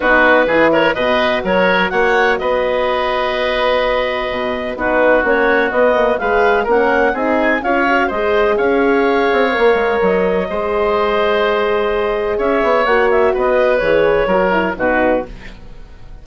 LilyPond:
<<
  \new Staff \with { instrumentName = "clarinet" } { \time 4/4 \tempo 4 = 126 b'4. cis''8 dis''4 cis''4 | fis''4 dis''2.~ | dis''2 b'4 cis''4 | dis''4 f''4 fis''4 gis''4 |
f''4 dis''4 f''2~ | f''4 dis''2.~ | dis''2 e''4 fis''8 e''8 | dis''4 cis''2 b'4 | }
  \new Staff \with { instrumentName = "oboe" } { \time 4/4 fis'4 gis'8 ais'8 b'4 ais'4 | cis''4 b'2.~ | b'2 fis'2~ | fis'4 b'4 ais'4 gis'4 |
cis''4 c''4 cis''2~ | cis''2 c''2~ | c''2 cis''2 | b'2 ais'4 fis'4 | }
  \new Staff \with { instrumentName = "horn" } { \time 4/4 dis'4 e'4 fis'2~ | fis'1~ | fis'2 dis'4 cis'4 | b8 ais8 gis'4 cis'4 dis'4 |
f'8 fis'8 gis'2. | ais'2 gis'2~ | gis'2. fis'4~ | fis'4 gis'4 fis'8 e'8 dis'4 | }
  \new Staff \with { instrumentName = "bassoon" } { \time 4/4 b4 e4 b,4 fis4 | ais4 b2.~ | b4 b,4 b4 ais4 | b4 gis4 ais4 c'4 |
cis'4 gis4 cis'4. c'8 | ais8 gis8 fis4 gis2~ | gis2 cis'8 b8 ais4 | b4 e4 fis4 b,4 | }
>>